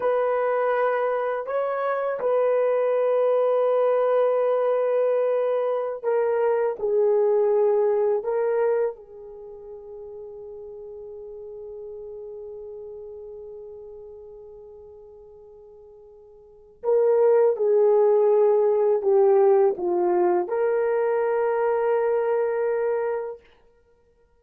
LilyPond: \new Staff \with { instrumentName = "horn" } { \time 4/4 \tempo 4 = 82 b'2 cis''4 b'4~ | b'1~ | b'16 ais'4 gis'2 ais'8.~ | ais'16 gis'2.~ gis'8.~ |
gis'1~ | gis'2. ais'4 | gis'2 g'4 f'4 | ais'1 | }